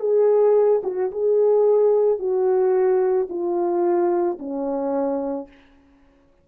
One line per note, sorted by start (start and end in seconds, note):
0.00 0.82 G#4
0.84 1.11 F#4
1.12 2.19 G#4
2.19 3.28 F#4
3.29 4.38 F4
4.39 5.48 C#4